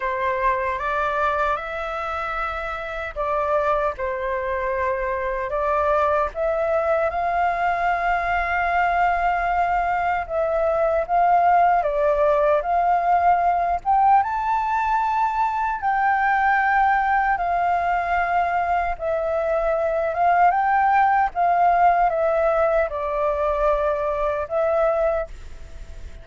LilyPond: \new Staff \with { instrumentName = "flute" } { \time 4/4 \tempo 4 = 76 c''4 d''4 e''2 | d''4 c''2 d''4 | e''4 f''2.~ | f''4 e''4 f''4 d''4 |
f''4. g''8 a''2 | g''2 f''2 | e''4. f''8 g''4 f''4 | e''4 d''2 e''4 | }